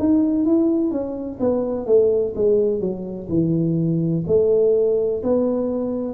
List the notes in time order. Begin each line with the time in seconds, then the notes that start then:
0.00 D#4
0.45 E4
0.91 C#4
1.40 B3
1.86 A3
2.35 G#3
2.81 F#3
3.29 E3
4.27 A3
5.23 B3